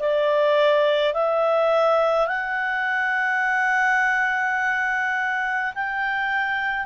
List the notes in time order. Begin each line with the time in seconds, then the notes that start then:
0.00 D5
1.14 E5
2.28 F#5
5.75 G5